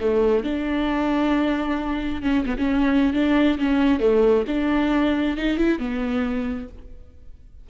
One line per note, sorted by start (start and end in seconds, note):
0.00 0.44 A3
0.44 2.22 D4
2.22 2.44 C#4
2.45 2.56 B3
2.57 3.13 C#4
3.13 3.58 D4
3.58 4.00 C#4
4.00 4.45 A3
4.47 5.37 D4
5.37 5.57 D#4
5.57 5.79 E4
5.79 6.68 B3